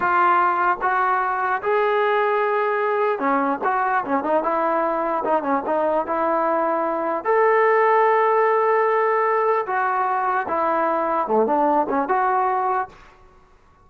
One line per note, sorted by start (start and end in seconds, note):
0.00 0.78 F4
0.81 1.62 F#4
1.62 3.19 G#4
3.19 3.59 C#4
3.64 4.04 F#4
4.04 4.23 C#4
4.23 4.43 D#4
4.43 5.23 E4
5.24 5.42 D#4
5.42 5.62 C#4
5.66 6.06 D#4
6.06 7.24 E4
7.24 9.66 A4
9.66 10.46 F#4
10.48 11.27 E4
11.27 11.46 A3
11.46 11.86 D4
11.89 12.08 C#4
12.08 12.89 F#4